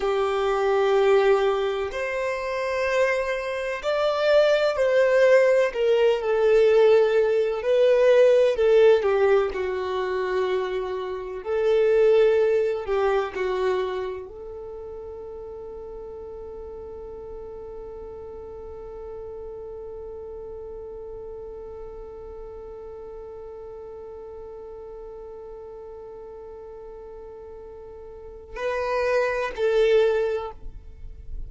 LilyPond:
\new Staff \with { instrumentName = "violin" } { \time 4/4 \tempo 4 = 63 g'2 c''2 | d''4 c''4 ais'8 a'4. | b'4 a'8 g'8 fis'2 | a'4. g'8 fis'4 a'4~ |
a'1~ | a'1~ | a'1~ | a'2 b'4 a'4 | }